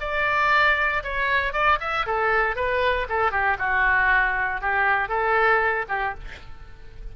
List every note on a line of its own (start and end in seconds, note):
0.00 1.03 D5
1.03 1.53 C#5
1.53 1.78 D5
1.80 2.06 E5
2.06 2.55 A4
2.55 3.07 B4
3.09 3.31 A4
3.31 3.57 G4
3.59 4.61 F#4
4.61 5.08 G4
5.08 5.85 A4
5.88 6.14 G4